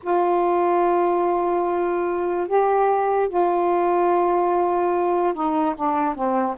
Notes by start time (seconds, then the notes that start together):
0.02 F4
2.47 G4
3.29 F4
5.33 D#4
5.75 D4
6.15 C4